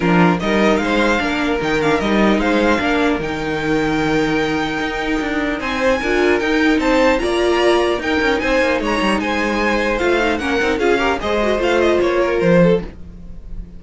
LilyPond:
<<
  \new Staff \with { instrumentName = "violin" } { \time 4/4 \tempo 4 = 150 ais'4 dis''4 f''2 | g''8 f''8 dis''4 f''2 | g''1~ | g''2 gis''2 |
g''4 a''4 ais''2 | g''4 gis''4 ais''4 gis''4~ | gis''4 f''4 fis''4 f''4 | dis''4 f''8 dis''8 cis''4 c''4 | }
  \new Staff \with { instrumentName = "violin" } { \time 4/4 f'4 ais'4 c''4 ais'4~ | ais'2 c''4 ais'4~ | ais'1~ | ais'2 c''4 ais'4~ |
ais'4 c''4 d''2 | ais'4 c''4 cis''4 c''4~ | c''2 ais'4 gis'8 ais'8 | c''2~ c''8 ais'4 a'8 | }
  \new Staff \with { instrumentName = "viola" } { \time 4/4 d'4 dis'2 d'4 | dis'8 d'8 dis'2 d'4 | dis'1~ | dis'2. f'4 |
dis'2 f'2 | dis'1~ | dis'4 f'8 dis'8 cis'8 dis'8 f'8 g'8 | gis'8 fis'8 f'2. | }
  \new Staff \with { instrumentName = "cello" } { \time 4/4 f4 g4 gis4 ais4 | dis4 g4 gis4 ais4 | dis1 | dis'4 d'4 c'4 d'4 |
dis'4 c'4 ais2 | dis'8 cis'8 c'8 ais8 gis8 g8 gis4~ | gis4 a4 ais8 c'8 cis'4 | gis4 a4 ais4 f4 | }
>>